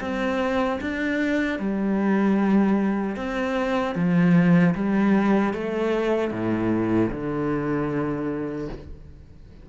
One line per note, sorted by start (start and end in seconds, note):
0.00 0.79 C4
0.80 1.59 D4
1.59 3.16 G3
3.16 3.95 C4
3.95 4.74 F3
4.74 5.53 G3
5.53 6.31 A3
6.31 7.10 A2
7.10 8.68 D3